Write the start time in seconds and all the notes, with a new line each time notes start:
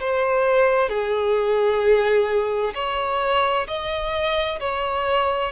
0.00 C5
0.89 G#4
2.74 C#5
3.67 D#5
4.60 C#5